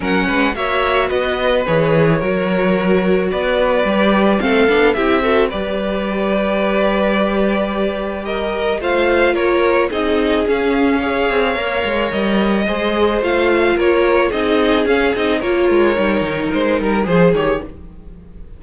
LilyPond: <<
  \new Staff \with { instrumentName = "violin" } { \time 4/4 \tempo 4 = 109 fis''4 e''4 dis''4 cis''4~ | cis''2 d''2 | f''4 e''4 d''2~ | d''2. dis''4 |
f''4 cis''4 dis''4 f''4~ | f''2 dis''2 | f''4 cis''4 dis''4 f''8 dis''8 | cis''2 c''8 ais'8 c''8 cis''8 | }
  \new Staff \with { instrumentName = "violin" } { \time 4/4 ais'8 b'8 cis''4 b'2 | ais'2 b'2 | a'4 g'8 a'8 b'2~ | b'2. ais'4 |
c''4 ais'4 gis'2 | cis''2. c''4~ | c''4 ais'4 gis'2 | ais'2. gis'4 | }
  \new Staff \with { instrumentName = "viola" } { \time 4/4 cis'4 fis'2 gis'4 | fis'2. g'4 | c'8 d'8 e'8 fis'8 g'2~ | g'1 |
f'2 dis'4 cis'4 | gis'4 ais'2 gis'4 | f'2 dis'4 cis'8 dis'8 | f'4 dis'2 gis'8 g'8 | }
  \new Staff \with { instrumentName = "cello" } { \time 4/4 fis8 gis8 ais4 b4 e4 | fis2 b4 g4 | a8 b8 c'4 g2~ | g1 |
a4 ais4 c'4 cis'4~ | cis'8 c'8 ais8 gis8 g4 gis4 | a4 ais4 c'4 cis'8 c'8 | ais8 gis8 g8 dis8 gis8 g8 f8 dis8 | }
>>